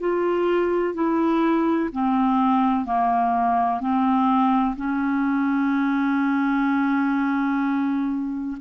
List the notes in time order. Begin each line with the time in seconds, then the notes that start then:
0.00 F4
0.94 E4
1.92 C4
2.85 A#3
3.81 C4
4.76 C#4